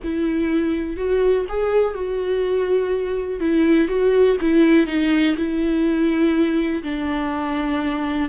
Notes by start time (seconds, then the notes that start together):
0.03 E4
0.96 F#4
1.48 G#4
1.94 F#4
3.39 E4
3.88 F#4
4.41 E4
4.86 D#4
5.36 E4
6.83 D4